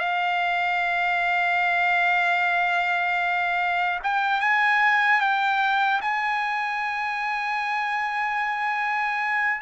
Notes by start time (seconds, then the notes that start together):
0.00 F5
4.04 G5
4.41 G#5
5.21 G5
6.02 G#5